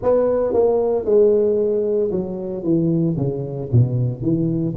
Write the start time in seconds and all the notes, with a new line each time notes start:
0.02 B3
0.53 A#3
1.05 G#3
2.11 F#3
2.63 E3
3.16 C#3
3.71 B2
4.22 E3